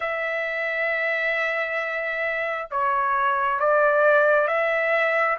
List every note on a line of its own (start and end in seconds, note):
0.00 2.68 E5
2.71 3.59 C#5
3.59 4.47 D5
4.47 5.37 E5